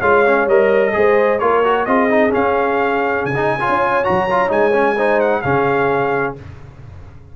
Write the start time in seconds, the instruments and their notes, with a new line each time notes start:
0.00 tuba G#3, trombone F4, horn C#5, trumpet F5
0.26 trombone C#4
0.47 tuba G3, trombone A#4, trumpet D#5
0.92 tuba G#3, trombone G#4, horn C5
1.39 tuba A#3, trombone F4, horn A#4, trumpet C#5
1.64 trombone F#4
1.85 tuba C4, trombone F4, horn G#4, trumpet D#5
2.10 trombone D#4
2.30 trombone C#4, tuba C#4, trumpet F5
3.24 tuba C#3, trumpet G#5
3.36 trombone D#4
3.60 trombone F4, horn C#5
3.69 tuba C#4
4.04 tuba F#3, trombone F#4, trumpet A#5
4.30 trombone F4
4.48 tuba G#3, trombone D#4, trumpet G#5
4.73 trombone C#4
4.97 trombone D#4, horn C5
5.20 trumpet F#5
5.42 tuba C#3, trombone C#4, horn G#4, trumpet F5